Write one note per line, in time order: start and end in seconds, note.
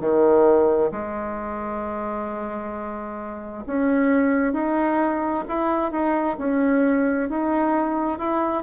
0.00 0.91 D#3
0.91 3.64 G#3
3.67 4.53 C#4
4.53 5.44 D#4
5.48 5.91 E4
5.91 6.37 D#4
6.38 7.29 C#4
7.29 8.19 D#4
8.19 8.63 E4